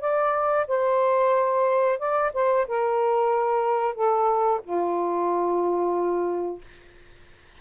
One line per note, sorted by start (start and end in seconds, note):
0.00 0.66 D5
0.67 1.98 C5
1.98 2.31 D5
2.33 2.66 C5
2.67 3.94 A#4
3.94 4.60 A4
4.63 6.61 F4